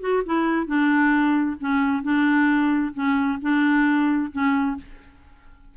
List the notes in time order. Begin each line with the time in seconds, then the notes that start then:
0.00 F#4
0.25 E4
0.66 D4
1.60 C#4
2.03 D4
2.94 C#4
3.42 D4
4.32 C#4